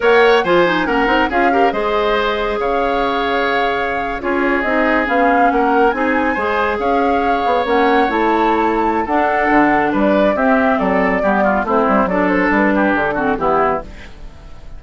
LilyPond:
<<
  \new Staff \with { instrumentName = "flute" } { \time 4/4 \tempo 4 = 139 fis''4 gis''4 fis''4 f''4 | dis''2 f''2~ | f''4.~ f''16 cis''4 dis''4 f''16~ | f''8. fis''4 gis''2 f''16~ |
f''4.~ f''16 fis''4 a''4~ a''16~ | a''4 fis''2 d''4 | e''4 d''2 c''4 | d''8 c''8 b'4 a'4 g'4 | }
  \new Staff \with { instrumentName = "oboe" } { \time 4/4 cis''4 c''4 ais'4 gis'8 ais'8 | c''2 cis''2~ | cis''4.~ cis''16 gis'2~ gis'16~ | gis'8. ais'4 gis'4 c''4 cis''16~ |
cis''1~ | cis''4 a'2 b'4 | g'4 a'4 g'8 f'8 e'4 | a'4. g'4 fis'8 e'4 | }
  \new Staff \with { instrumentName = "clarinet" } { \time 4/4 ais'4 f'8 dis'8 cis'8 dis'8 f'8 g'8 | gis'1~ | gis'4.~ gis'16 f'4 dis'4 cis'16~ | cis'4.~ cis'16 dis'4 gis'4~ gis'16~ |
gis'4.~ gis'16 cis'4 e'4~ e'16~ | e'4 d'2. | c'2 b4 c'4 | d'2~ d'8 c'8 b4 | }
  \new Staff \with { instrumentName = "bassoon" } { \time 4/4 ais4 f4 ais8 c'8 cis'4 | gis2 cis2~ | cis4.~ cis16 cis'4 c'4 b16~ | b8. ais4 c'4 gis4 cis'16~ |
cis'4~ cis'16 b8 ais4 a4~ a16~ | a4 d'4 d4 g4 | c'4 fis4 g4 a8 g8 | fis4 g4 d4 e4 | }
>>